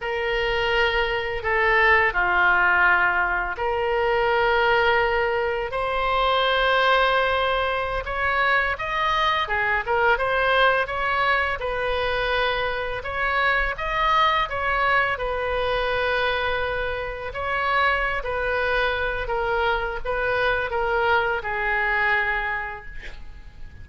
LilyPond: \new Staff \with { instrumentName = "oboe" } { \time 4/4 \tempo 4 = 84 ais'2 a'4 f'4~ | f'4 ais'2. | c''2.~ c''16 cis''8.~ | cis''16 dis''4 gis'8 ais'8 c''4 cis''8.~ |
cis''16 b'2 cis''4 dis''8.~ | dis''16 cis''4 b'2~ b'8.~ | b'16 cis''4~ cis''16 b'4. ais'4 | b'4 ais'4 gis'2 | }